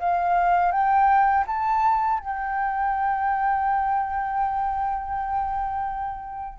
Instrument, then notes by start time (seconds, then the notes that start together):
flute
0.00 F5
0.72 G5
1.47 A5
2.20 G5